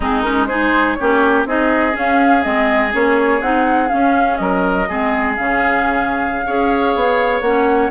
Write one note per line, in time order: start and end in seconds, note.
0.00 0.97 G#3
0.00 0.24 C4
0.00 0.47 D#4
0.00 0.21 G#4
0.21 0.48 C#4
0.21 0.45 A#4
0.47 0.98 D#4
0.47 0.97 G#4
0.47 0.94 C5
0.94 1.47 C#4
0.94 1.47 G4
0.94 1.43 C#5
1.01 1.45 A#3
1.45 1.94 C4
1.45 1.92 D#4
1.45 4.40 G#4
1.45 1.96 D#5
1.92 2.41 C#4
1.92 2.45 C#4
1.92 2.43 F5
2.42 2.93 G#3
2.42 2.91 C4
2.42 2.91 D#5
2.92 3.41 A#3
2.92 3.41 C#4
2.92 3.41 C#5
3.41 3.90 C4
3.41 3.89 D#4
3.41 3.88 F#5
3.88 4.86 C#4
3.88 4.39 C#4
3.88 4.36 F5
4.36 4.88 F#3
4.36 4.88 A#4
4.36 5.34 D#5
4.88 5.37 G#3
4.88 5.37 C4
4.88 6.46 G#4
5.36 6.47 C#3
5.36 6.46 C#4
5.36 7.41 F5
6.46 6.95 C#4
6.46 7.44 G#4
6.46 7.90 C#5
6.95 7.41 B3
7.41 7.89 A#3
7.41 7.90 C#4
7.41 7.89 F#5